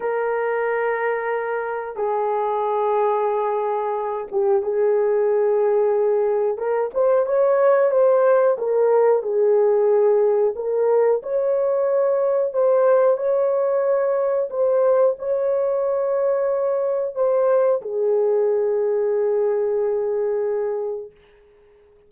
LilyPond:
\new Staff \with { instrumentName = "horn" } { \time 4/4 \tempo 4 = 91 ais'2. gis'4~ | gis'2~ gis'8 g'8 gis'4~ | gis'2 ais'8 c''8 cis''4 | c''4 ais'4 gis'2 |
ais'4 cis''2 c''4 | cis''2 c''4 cis''4~ | cis''2 c''4 gis'4~ | gis'1 | }